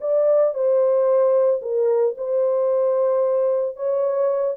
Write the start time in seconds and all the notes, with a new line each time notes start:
0.00 D5
0.54 C5
1.61 A#4
2.17 C5
3.76 C#5